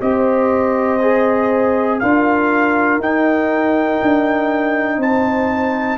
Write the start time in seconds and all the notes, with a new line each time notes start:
0.00 C4 G4 C5 D#5
1.02 G#4
2.00 D4 F4 A#4 F5
2.99 D#4 G5
4.02 D4
4.97 C4 C5 A5